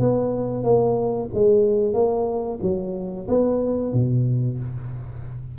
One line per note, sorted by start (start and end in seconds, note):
0.00 0.64 B3
0.64 1.29 A#3
1.34 1.94 G#3
1.94 2.59 A#3
2.62 3.27 F#3
3.28 3.93 B3
3.94 4.59 B2